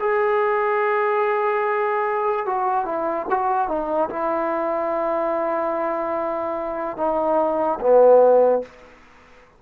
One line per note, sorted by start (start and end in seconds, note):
0.00 2.46 G#4
2.46 2.85 F#4
2.85 3.27 E4
3.30 3.68 F#4
3.68 4.09 D#4
4.10 6.97 E4
6.97 7.79 D#4
7.80 8.63 B3